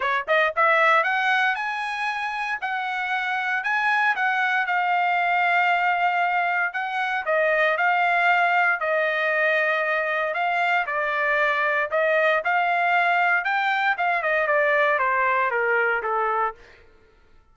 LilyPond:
\new Staff \with { instrumentName = "trumpet" } { \time 4/4 \tempo 4 = 116 cis''8 dis''8 e''4 fis''4 gis''4~ | gis''4 fis''2 gis''4 | fis''4 f''2.~ | f''4 fis''4 dis''4 f''4~ |
f''4 dis''2. | f''4 d''2 dis''4 | f''2 g''4 f''8 dis''8 | d''4 c''4 ais'4 a'4 | }